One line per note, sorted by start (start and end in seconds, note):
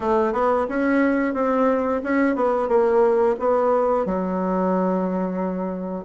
0.00 0.32 A3
0.32 0.66 B3
0.68 1.34 C#4
1.34 2.01 C4
2.03 2.35 C#4
2.35 2.68 B3
2.68 3.35 A#3
3.39 4.05 B3
4.05 6.04 F#3